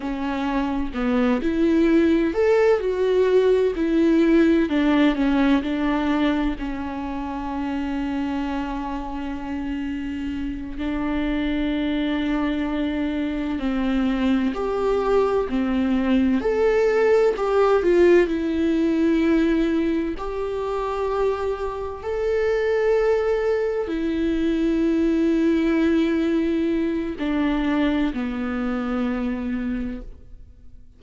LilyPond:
\new Staff \with { instrumentName = "viola" } { \time 4/4 \tempo 4 = 64 cis'4 b8 e'4 a'8 fis'4 | e'4 d'8 cis'8 d'4 cis'4~ | cis'2.~ cis'8 d'8~ | d'2~ d'8 c'4 g'8~ |
g'8 c'4 a'4 g'8 f'8 e'8~ | e'4. g'2 a'8~ | a'4. e'2~ e'8~ | e'4 d'4 b2 | }